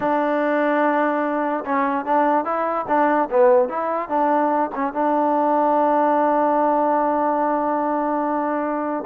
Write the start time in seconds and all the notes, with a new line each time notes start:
0.00 D4
1.65 C#4
2.05 D4
2.44 E4
2.88 D4
3.30 B3
3.69 E4
4.08 D4
4.74 C#4
4.93 D4